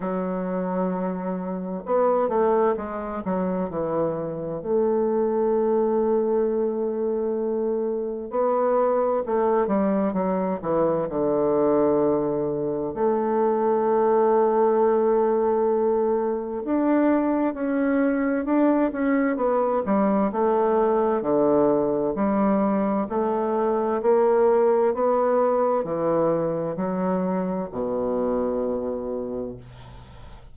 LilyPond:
\new Staff \with { instrumentName = "bassoon" } { \time 4/4 \tempo 4 = 65 fis2 b8 a8 gis8 fis8 | e4 a2.~ | a4 b4 a8 g8 fis8 e8 | d2 a2~ |
a2 d'4 cis'4 | d'8 cis'8 b8 g8 a4 d4 | g4 a4 ais4 b4 | e4 fis4 b,2 | }